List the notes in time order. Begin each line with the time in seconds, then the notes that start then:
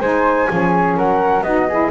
0.00 G#3 D#4 C5 G#5
0.49 F3 C#4 G#4
0.97 F#3 A#4 F#5
1.41 B3 D#4 F#4 D#5
1.68 E4 G#4